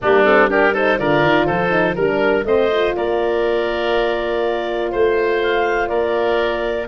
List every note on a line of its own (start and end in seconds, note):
0.01 0.99 G3
0.01 0.24 A#3
0.01 0.50 D4
0.01 0.24 G4
0.24 0.48 C4
0.24 0.48 A4
0.48 0.72 D4
0.48 0.73 G4
0.48 0.74 A#4
0.73 0.98 D#4
0.73 0.98 A4
0.73 0.98 C5
0.98 1.22 D3
0.98 1.69 F4
0.98 1.46 A#4
0.98 1.46 D5
1.22 1.47 D#3
1.46 1.95 F3
1.46 1.95 A4
1.46 1.95 C5
1.69 1.94 D#4
1.95 2.44 G3
1.95 2.46 D4
1.95 2.44 A#4
1.95 2.45 A#4
2.44 2.93 A3
2.44 2.70 C4
2.44 2.96 C5
2.44 2.94 D#5
2.70 6.87 F4
2.95 4.92 A#3
2.95 4.91 A#4
2.95 4.92 D5
4.91 5.89 A3
4.91 5.89 C5
4.91 5.41 C5
5.42 5.88 F5
5.88 6.87 A#3
5.88 6.87 A#4
5.88 6.86 D5